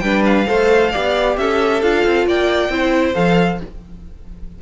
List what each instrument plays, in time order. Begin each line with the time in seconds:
0.00 cello G3, viola D4, violin B4 G5
0.26 violin F5
0.47 cello A3, viola A4, violin C5
0.92 cello B3, viola G4, violin D5
1.37 cello C#4, violin A4 E5
1.82 cello D4, viola F4, violin F5
2.06 cello C4
2.26 cello A#3, violin D5 G5
2.69 cello C4, viola E4, violin C5
3.15 cello F3, viola A4, violin F5